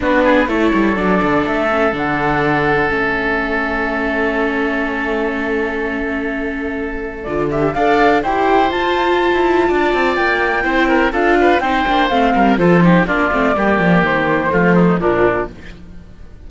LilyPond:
<<
  \new Staff \with { instrumentName = "flute" } { \time 4/4 \tempo 4 = 124 b'4 cis''4 d''4 e''4 | fis''2 e''2~ | e''1~ | e''2. d''8 e''8 |
f''4 g''4 a''2~ | a''4 g''2 f''4 | g''4 f''4 c''4 d''4~ | d''4 c''2 ais'4 | }
  \new Staff \with { instrumentName = "oboe" } { \time 4/4 fis'8 gis'8 a'2.~ | a'1~ | a'1~ | a'1 |
d''4 c''2. | d''2 c''8 ais'8 a'8 b'8 | c''4. ais'8 a'8 g'8 f'4 | g'2 f'8 dis'8 d'4 | }
  \new Staff \with { instrumentName = "viola" } { \time 4/4 d'4 e'4 d'4. cis'8 | d'2 cis'2~ | cis'1~ | cis'2. f'8 g'8 |
a'4 g'4 f'2~ | f'2 e'4 f'4 | dis'8 d'8 c'4 f'8 dis'8 d'8 c'8 | ais2 a4 f4 | }
  \new Staff \with { instrumentName = "cello" } { \time 4/4 b4 a8 g8 fis8 d8 a4 | d2 a2~ | a1~ | a2. d4 |
d'4 e'4 f'4~ f'16 e'8. | d'8 c'8 ais4 c'4 d'4 | c'8 ais8 a8 g8 f4 ais8 a8 | g8 f8 dis4 f4 ais,4 | }
>>